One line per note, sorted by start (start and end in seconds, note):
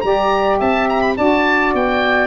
0.00 0.60 G3
0.00 1.16 G4
0.00 0.58 D5
0.00 0.57 A#5
0.58 1.17 C4
0.58 1.15 E5
0.58 0.88 A5
0.89 1.01 A#5
1.01 1.16 B5
1.16 1.74 D4
1.16 2.27 F#4
1.16 2.27 D5
1.16 1.73 A5
1.74 2.27 B3
1.74 2.27 G5